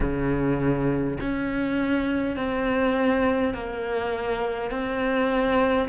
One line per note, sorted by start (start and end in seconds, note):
0.00 1.18 C#3
1.20 2.36 C#4
2.36 3.53 C4
3.53 4.71 A#3
4.71 5.88 C4